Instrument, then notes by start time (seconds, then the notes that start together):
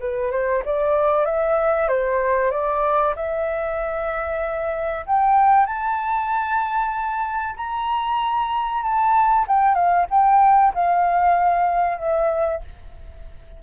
flute
0.00 B4
0.32 C5
0.65 D5
1.26 E5
1.89 C5
2.51 D5
3.16 E5
5.07 G5
5.66 A5
7.57 A#5
8.83 A5
9.48 G5
9.75 F5
10.11 G5
10.75 F5
11.98 E5